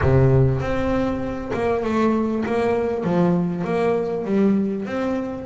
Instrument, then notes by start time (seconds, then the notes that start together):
double bass
0.01 C3
0.60 C4
1.53 A#3
1.83 A3
2.45 A#3
3.03 F3
3.64 A#3
4.25 G3
4.85 C4